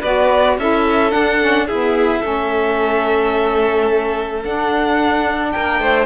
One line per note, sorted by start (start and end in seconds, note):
0.00 0.58 B3
0.00 0.59 F#4
0.00 0.55 B4
0.00 0.57 D5
0.58 1.13 C#4
0.58 1.10 E4
0.58 1.66 A4
0.58 1.12 E5
1.10 1.37 D4
1.10 1.69 D4
1.10 1.67 F#5
1.40 1.68 C#4
1.66 2.22 B3
1.66 2.24 E4
1.66 2.20 G#4
1.66 4.43 E5
2.20 4.44 A3
2.20 4.42 C#4
2.20 5.50 A4
4.44 5.54 D4
4.44 6.06 D4
4.44 5.51 F#5
5.51 5.80 A#3
5.51 5.81 A#4
5.51 6.06 G5
5.80 6.06 A3
5.80 6.06 C5